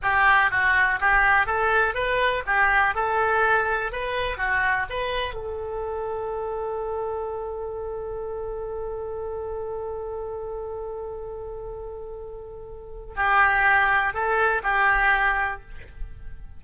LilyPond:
\new Staff \with { instrumentName = "oboe" } { \time 4/4 \tempo 4 = 123 g'4 fis'4 g'4 a'4 | b'4 g'4 a'2 | b'4 fis'4 b'4 a'4~ | a'1~ |
a'1~ | a'1~ | a'2. g'4~ | g'4 a'4 g'2 | }